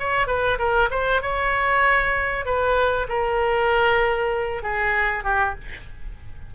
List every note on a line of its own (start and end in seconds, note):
0.00 0.28 C#5
0.28 0.58 B4
0.59 0.90 A#4
0.91 1.22 C5
1.22 2.46 C#5
2.46 3.08 B4
3.09 4.63 A#4
4.63 5.24 G#4
5.24 5.55 G4